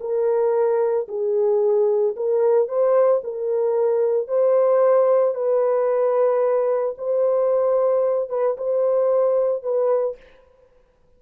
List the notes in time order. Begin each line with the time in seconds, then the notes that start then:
0.00 A#4
1.08 G#4
2.16 A#4
2.68 C5
3.23 A#4
4.27 C5
5.34 B4
6.97 C5
8.29 B4
8.57 C5
9.63 B4